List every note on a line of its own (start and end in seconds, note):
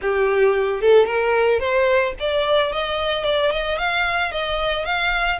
0.01 0.81 G4
0.81 1.06 A4
1.06 1.59 A#4
1.59 2.13 C5
2.19 2.72 D5
2.72 3.24 D#5
3.24 3.51 D5
3.51 3.78 D#5
3.78 4.31 F5
4.31 4.85 D#5
4.85 5.39 F5